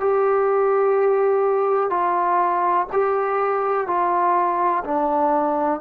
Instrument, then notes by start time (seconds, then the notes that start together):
trombone
0.00 G4
1.90 F4
2.93 G4
3.87 F4
4.85 D4